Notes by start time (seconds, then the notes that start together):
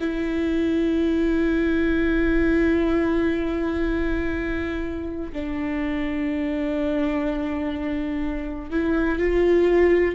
0.00 E4
5.33 D4
8.71 E4
9.19 F4